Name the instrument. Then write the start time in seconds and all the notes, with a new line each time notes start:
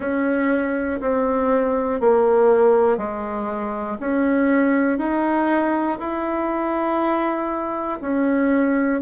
bassoon
0.00 C#4
1.00 C4
2.00 A#3
2.97 G#3
4.00 C#4
4.98 D#4
5.99 E4
8.01 C#4